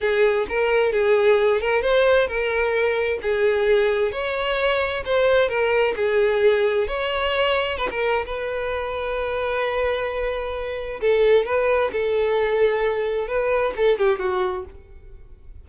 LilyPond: \new Staff \with { instrumentName = "violin" } { \time 4/4 \tempo 4 = 131 gis'4 ais'4 gis'4. ais'8 | c''4 ais'2 gis'4~ | gis'4 cis''2 c''4 | ais'4 gis'2 cis''4~ |
cis''4 b'16 ais'8. b'2~ | b'1 | a'4 b'4 a'2~ | a'4 b'4 a'8 g'8 fis'4 | }